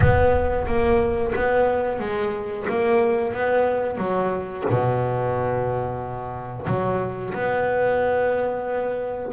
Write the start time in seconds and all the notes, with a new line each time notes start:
0.00 B3
0.66 A#3
1.35 B3
1.99 G#3
2.69 A#3
3.33 B3
3.97 F#3
4.69 B2
6.66 F#3
7.33 B3